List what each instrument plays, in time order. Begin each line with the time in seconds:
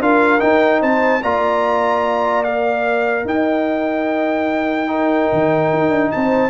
0.00 tuba D4, trombone F4, horn A#4, trumpet F5
0.39 trombone D#4, tuba D#4, trumpet G5
0.81 tuba C4, horn C5, trumpet A5
1.22 tuba A#3, trombone F4, horn D5, trumpet A#5
2.43 trombone A#4, trumpet F5
3.25 tuba D#4, horn D#5, trumpet G5
4.88 trombone D#4, horn A#4
5.32 tuba D#3
5.73 tuba D#4
5.89 tuba D4
6.11 tuba C4, horn C5, trumpet A5